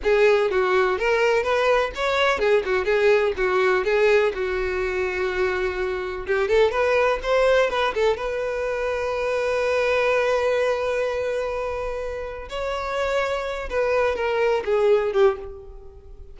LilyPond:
\new Staff \with { instrumentName = "violin" } { \time 4/4 \tempo 4 = 125 gis'4 fis'4 ais'4 b'4 | cis''4 gis'8 fis'8 gis'4 fis'4 | gis'4 fis'2.~ | fis'4 g'8 a'8 b'4 c''4 |
b'8 a'8 b'2.~ | b'1~ | b'2 cis''2~ | cis''8 b'4 ais'4 gis'4 g'8 | }